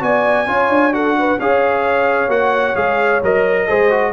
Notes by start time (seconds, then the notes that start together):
0.00 B3 F#4 D5 G#5
0.47 C#4 F4 C#5
0.69 D4
0.92 F#4 A4 F#5
1.19 B4
1.39 C#4 G#4 C#5 F5
2.28 A#3 F#4 F#5
2.75 G#3 G#4 F5
3.23 F#3 A#4 D#5
3.67 G#3 G#4 C5
3.90 F#4